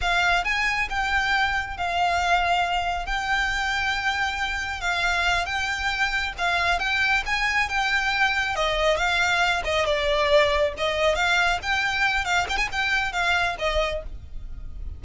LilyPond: \new Staff \with { instrumentName = "violin" } { \time 4/4 \tempo 4 = 137 f''4 gis''4 g''2 | f''2. g''4~ | g''2. f''4~ | f''8 g''2 f''4 g''8~ |
g''8 gis''4 g''2 dis''8~ | dis''8 f''4. dis''8 d''4.~ | d''8 dis''4 f''4 g''4. | f''8 g''16 gis''16 g''4 f''4 dis''4 | }